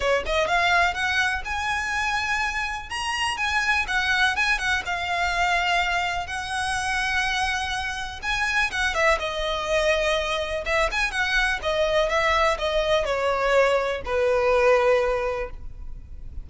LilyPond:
\new Staff \with { instrumentName = "violin" } { \time 4/4 \tempo 4 = 124 cis''8 dis''8 f''4 fis''4 gis''4~ | gis''2 ais''4 gis''4 | fis''4 gis''8 fis''8 f''2~ | f''4 fis''2.~ |
fis''4 gis''4 fis''8 e''8 dis''4~ | dis''2 e''8 gis''8 fis''4 | dis''4 e''4 dis''4 cis''4~ | cis''4 b'2. | }